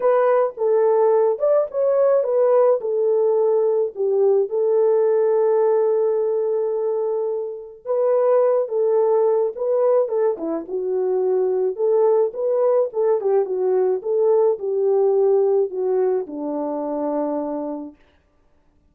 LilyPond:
\new Staff \with { instrumentName = "horn" } { \time 4/4 \tempo 4 = 107 b'4 a'4. d''8 cis''4 | b'4 a'2 g'4 | a'1~ | a'2 b'4. a'8~ |
a'4 b'4 a'8 e'8 fis'4~ | fis'4 a'4 b'4 a'8 g'8 | fis'4 a'4 g'2 | fis'4 d'2. | }